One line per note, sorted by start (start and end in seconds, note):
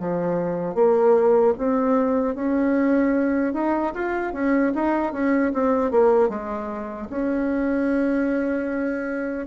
0.00 0.75 F3
0.75 1.54 A#3
1.58 2.35 C4
2.35 3.54 C#4
3.54 3.93 D#4
3.94 4.33 F4
4.33 4.73 C#4
4.75 5.13 D#4
5.13 5.52 C#4
5.54 5.91 C4
5.91 6.29 A#3
6.29 7.08 G#3
7.10 9.47 C#4